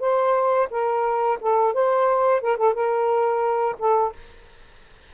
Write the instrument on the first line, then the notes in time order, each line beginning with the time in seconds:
saxophone
0.00 C5
0.71 A#4
1.41 A4
1.73 C5
2.41 A#4
2.57 A4
2.74 A#4
3.79 A4